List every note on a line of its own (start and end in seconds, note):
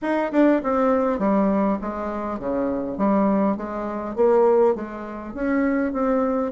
0.01 0.31 D#4
0.31 0.61 D4
0.63 1.19 C4
1.19 1.78 G3
1.81 2.39 G#3
2.39 2.97 C#3
2.97 3.56 G3
3.56 4.15 G#3
4.15 4.75 A#3
4.75 5.34 G#3
5.34 5.92 C#4
5.92 6.52 C4